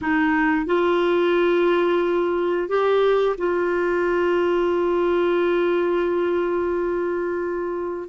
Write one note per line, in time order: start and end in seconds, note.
0.01 0.66 D#4
0.66 2.68 F4
2.68 3.36 G4
3.37 8.08 F4